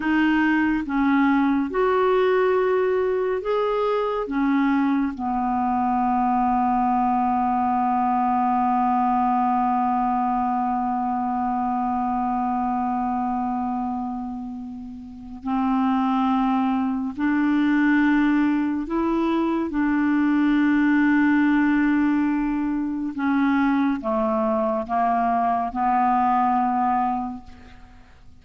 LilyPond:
\new Staff \with { instrumentName = "clarinet" } { \time 4/4 \tempo 4 = 70 dis'4 cis'4 fis'2 | gis'4 cis'4 b2~ | b1~ | b1~ |
b2 c'2 | d'2 e'4 d'4~ | d'2. cis'4 | a4 ais4 b2 | }